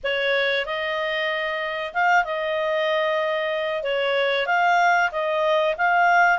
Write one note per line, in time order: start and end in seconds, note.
0.03 0.65 C#5
0.65 1.93 D#5
1.93 2.24 F5
2.24 3.83 D#5
3.83 4.46 C#5
4.46 5.10 F5
5.11 5.75 D#5
5.77 6.39 F5